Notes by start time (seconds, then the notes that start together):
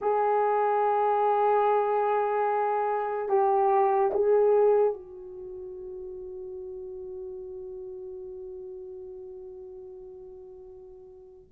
0.01 G#4
3.28 G4
4.13 G#4
4.93 F#4